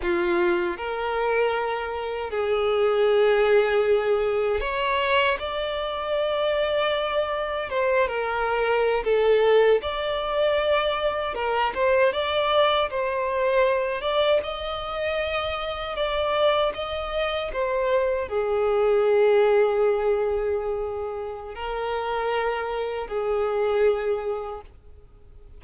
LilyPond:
\new Staff \with { instrumentName = "violin" } { \time 4/4 \tempo 4 = 78 f'4 ais'2 gis'4~ | gis'2 cis''4 d''4~ | d''2 c''8 ais'4~ ais'16 a'16~ | a'8. d''2 ais'8 c''8 d''16~ |
d''8. c''4. d''8 dis''4~ dis''16~ | dis''8. d''4 dis''4 c''4 gis'16~ | gis'1 | ais'2 gis'2 | }